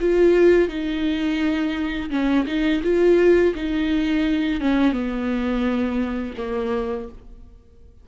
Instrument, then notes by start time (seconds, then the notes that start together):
viola
0.00 F4
0.68 D#4
2.10 C#4
2.46 D#4
2.83 F4
3.55 D#4
4.60 C#4
4.92 B3
6.37 A#3